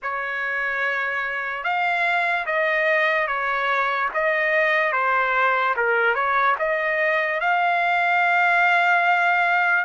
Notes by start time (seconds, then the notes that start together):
0.02 C#5
1.63 F5
2.45 D#5
3.27 C#5
4.14 D#5
4.92 C5
5.76 A#4
6.14 C#5
6.58 D#5
7.40 F5